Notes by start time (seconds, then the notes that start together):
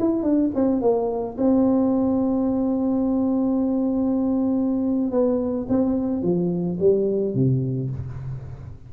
0.00 E4
0.23 D4
0.55 C4
0.82 A#3
1.38 C4
5.12 B3
5.69 C4
6.23 F3
6.80 G3
7.35 C3